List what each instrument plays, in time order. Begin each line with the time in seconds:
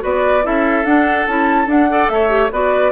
0.00 bassoon B3, clarinet F#4, oboe B4, flute D5
0.43 bassoon C#4, clarinet E4, oboe A4, flute E5
0.85 bassoon D4, clarinet D4, flute F#5
1.28 bassoon C#4, clarinet E4, flute A5
1.67 clarinet D4, bassoon D4, flute F#5
1.89 clarinet A4, oboe D5
2.09 bassoon A3, oboe C#5, flute E5
2.29 clarinet G4
2.52 bassoon B3, clarinet F#4, oboe B4, flute D5